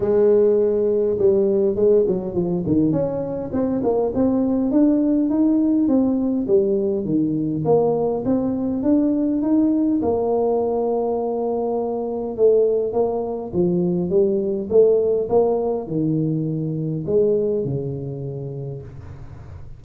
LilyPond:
\new Staff \with { instrumentName = "tuba" } { \time 4/4 \tempo 4 = 102 gis2 g4 gis8 fis8 | f8 dis8 cis'4 c'8 ais8 c'4 | d'4 dis'4 c'4 g4 | dis4 ais4 c'4 d'4 |
dis'4 ais2.~ | ais4 a4 ais4 f4 | g4 a4 ais4 dis4~ | dis4 gis4 cis2 | }